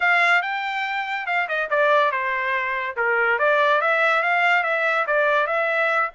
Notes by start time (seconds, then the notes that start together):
0.00 F5
0.41 G5
1.26 F5
1.48 D#5
1.70 D5
2.11 C5
2.96 A#4
3.39 D5
3.81 E5
4.23 F5
4.63 E5
5.06 D5
5.46 E5